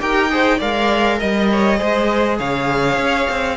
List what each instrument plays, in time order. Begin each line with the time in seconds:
0.00 cello D#4, viola G4, violin A#4 G5
0.30 viola G#4, violin C5
0.58 cello G#3, viola A#4, violin D5 F5
1.20 cello G3, violin D#5
1.52 violin C#5
1.78 cello G#3, viola G#4, violin C5
2.39 cello C#3, violin C#5 F5
2.97 cello C#4
3.30 cello C4